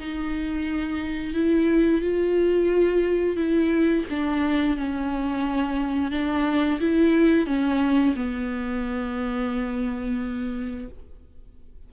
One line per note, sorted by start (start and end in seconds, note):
0.00 1.34 D#4
1.34 2.02 E4
2.02 3.37 F4
3.37 4.05 E4
4.10 4.77 D4
4.77 6.12 C#4
6.12 6.80 D4
6.81 7.47 E4
7.47 8.15 C#4
8.16 10.89 B3